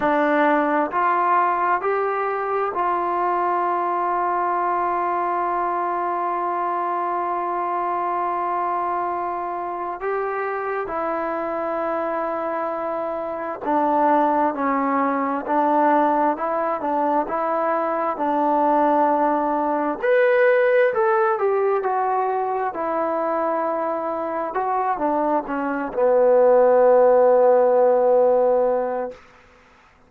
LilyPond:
\new Staff \with { instrumentName = "trombone" } { \time 4/4 \tempo 4 = 66 d'4 f'4 g'4 f'4~ | f'1~ | f'2. g'4 | e'2. d'4 |
cis'4 d'4 e'8 d'8 e'4 | d'2 b'4 a'8 g'8 | fis'4 e'2 fis'8 d'8 | cis'8 b2.~ b8 | }